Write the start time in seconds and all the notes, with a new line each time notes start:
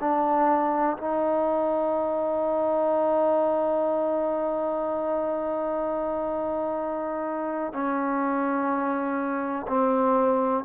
0.00 D4
0.97 D#4
7.73 C#4
9.68 C4